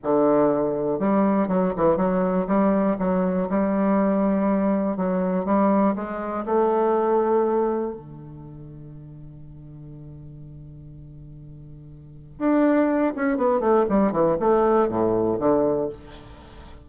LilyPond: \new Staff \with { instrumentName = "bassoon" } { \time 4/4 \tempo 4 = 121 d2 g4 fis8 e8 | fis4 g4 fis4 g4~ | g2 fis4 g4 | gis4 a2. |
d1~ | d1~ | d4 d'4. cis'8 b8 a8 | g8 e8 a4 a,4 d4 | }